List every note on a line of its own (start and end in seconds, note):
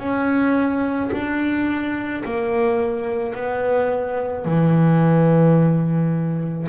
0.00 1.11 C#4
1.13 2.24 D4
2.25 3.35 A#3
3.35 4.45 B3
4.45 6.68 E3